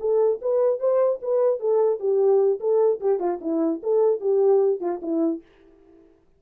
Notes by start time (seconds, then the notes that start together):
0.00 A4
0.41 B4
0.79 C5
1.22 B4
1.59 A4
1.99 G4
2.60 A4
3.00 G4
3.19 F4
3.41 E4
3.83 A4
4.20 G4
4.80 F4
5.02 E4